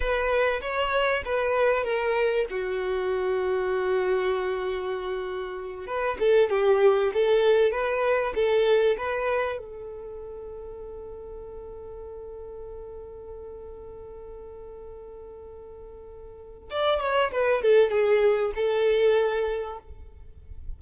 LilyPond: \new Staff \with { instrumentName = "violin" } { \time 4/4 \tempo 4 = 97 b'4 cis''4 b'4 ais'4 | fis'1~ | fis'4. b'8 a'8 g'4 a'8~ | a'8 b'4 a'4 b'4 a'8~ |
a'1~ | a'1~ | a'2. d''8 cis''8 | b'8 a'8 gis'4 a'2 | }